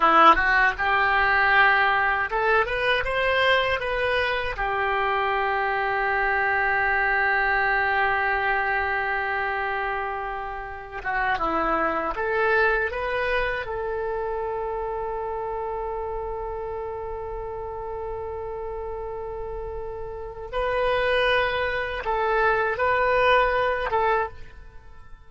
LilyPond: \new Staff \with { instrumentName = "oboe" } { \time 4/4 \tempo 4 = 79 e'8 fis'8 g'2 a'8 b'8 | c''4 b'4 g'2~ | g'1~ | g'2~ g'8 fis'8 e'4 |
a'4 b'4 a'2~ | a'1~ | a'2. b'4~ | b'4 a'4 b'4. a'8 | }